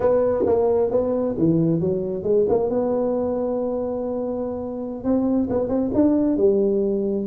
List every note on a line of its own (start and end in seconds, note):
0.00 0.45 B3
0.46 0.90 A#3
0.90 1.35 B3
1.38 1.80 E3
1.80 2.23 F#3
2.23 2.45 G#3
2.48 2.69 A#3
2.69 5.04 B3
5.04 5.48 C4
5.50 5.68 B3
5.68 5.90 C4
5.93 6.37 D4
6.37 7.26 G3